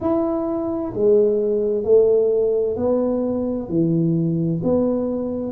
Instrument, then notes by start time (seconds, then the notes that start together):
tuba
0.00 E4
0.93 G#3
1.84 A3
2.76 B3
3.68 E3
4.63 B3